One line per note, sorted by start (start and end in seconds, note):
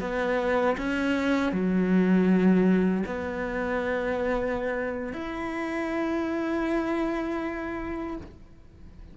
0.00 0.76 B3
0.77 1.52 C#4
1.52 3.04 F#3
3.06 5.13 B3
5.13 8.17 E4